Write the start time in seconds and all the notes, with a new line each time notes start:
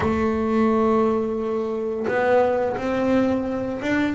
0.00 A3
2.07 B3
2.76 C4
3.81 D4